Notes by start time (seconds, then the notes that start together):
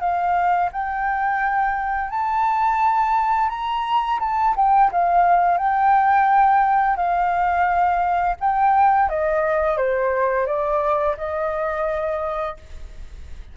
0.00 F5
0.72 G5
2.10 A5
3.49 A#5
4.20 A5
4.56 G5
4.92 F5
5.58 G5
6.96 F5
8.40 G5
9.09 D#5
9.77 C5
10.46 D5
11.17 D#5